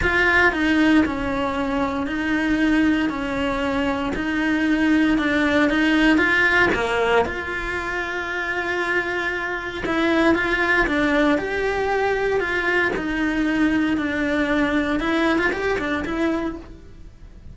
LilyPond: \new Staff \with { instrumentName = "cello" } { \time 4/4 \tempo 4 = 116 f'4 dis'4 cis'2 | dis'2 cis'2 | dis'2 d'4 dis'4 | f'4 ais4 f'2~ |
f'2. e'4 | f'4 d'4 g'2 | f'4 dis'2 d'4~ | d'4 e'8. f'16 g'8 d'8 e'4 | }